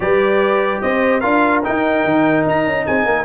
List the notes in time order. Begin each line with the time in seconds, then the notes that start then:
0.00 G3 G4 B4 D5
0.81 C4 C5 D#5
1.20 D4 F4 A#4 F5
1.63 D#4 G5
2.04 D#3
2.46 D#4 A#5
2.66 C#4
2.86 C4 G#4 G#5
3.05 A#3 A#4